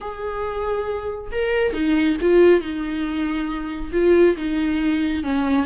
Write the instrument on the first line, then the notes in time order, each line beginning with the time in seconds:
viola
0.00 G#4
1.31 A#4
1.73 D#4
2.21 F4
2.60 D#4
3.92 F4
4.36 D#4
5.23 C#4